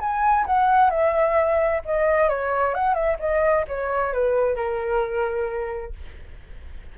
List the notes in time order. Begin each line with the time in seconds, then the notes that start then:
0.00 G#5
0.46 F#5
0.90 E5
1.85 D#5
2.29 C#5
2.74 F#5
2.94 E5
3.20 D#5
3.68 C#5
4.13 B4
4.56 A#4